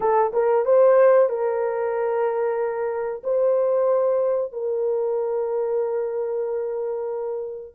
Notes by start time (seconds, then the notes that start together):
0.00 A4
0.33 A#4
0.65 C5
1.29 A#4
3.23 C5
4.52 A#4